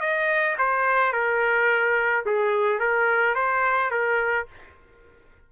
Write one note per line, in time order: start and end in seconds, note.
0.00 0.56 D#5
0.58 1.12 C5
1.12 2.25 A#4
2.25 2.79 G#4
2.79 3.35 A#4
3.35 3.90 C5
3.90 4.47 A#4